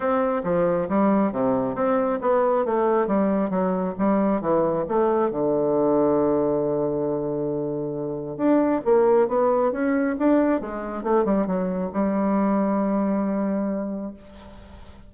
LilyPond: \new Staff \with { instrumentName = "bassoon" } { \time 4/4 \tempo 4 = 136 c'4 f4 g4 c4 | c'4 b4 a4 g4 | fis4 g4 e4 a4 | d1~ |
d2. d'4 | ais4 b4 cis'4 d'4 | gis4 a8 g8 fis4 g4~ | g1 | }